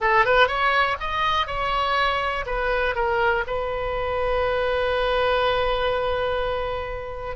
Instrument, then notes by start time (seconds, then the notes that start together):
oboe
0.00 A4
0.25 B4
0.47 C#5
1.00 D#5
1.46 C#5
2.46 B4
2.95 A#4
3.46 B4